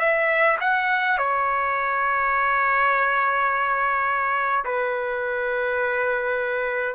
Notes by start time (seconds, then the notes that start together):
0.00 E5
0.61 F#5
1.19 C#5
4.65 B4